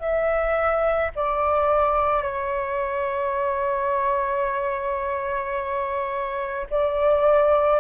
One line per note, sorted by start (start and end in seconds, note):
0.00 1.11 E5
1.16 2.23 D5
2.23 6.67 C#5
6.71 7.80 D5